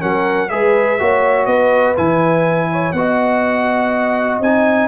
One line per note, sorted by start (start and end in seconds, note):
0.00 0.51 F#3
0.00 0.49 C#4
0.00 0.50 A#4
0.00 0.49 F#5
0.49 1.00 G#3
0.49 0.99 G#4
0.49 1.01 B4
0.49 1.46 E5
0.99 1.46 A#3
0.99 1.96 F#4
0.99 1.47 C#5
1.46 1.95 B3
1.46 2.69 B4
1.46 1.95 D#5
1.96 2.93 E3
1.96 2.94 E4
1.96 2.93 G#5
2.72 2.97 C#5
2.93 4.40 B3
2.93 4.44 F#4
2.93 4.88 D#5
2.93 4.39 F#5
4.40 4.88 C4
4.40 4.88 D#4
4.40 4.88 G#5